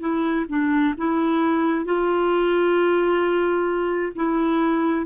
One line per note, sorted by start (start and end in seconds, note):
0.00 0.45 E4
0.49 0.94 D4
0.98 1.85 E4
1.85 4.12 F4
4.16 5.06 E4